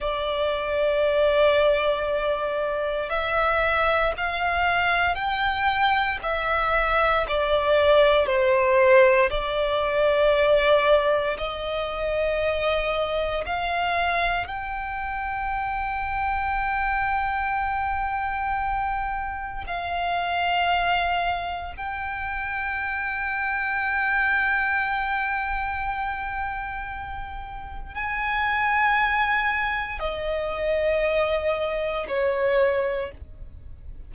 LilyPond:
\new Staff \with { instrumentName = "violin" } { \time 4/4 \tempo 4 = 58 d''2. e''4 | f''4 g''4 e''4 d''4 | c''4 d''2 dis''4~ | dis''4 f''4 g''2~ |
g''2. f''4~ | f''4 g''2.~ | g''2. gis''4~ | gis''4 dis''2 cis''4 | }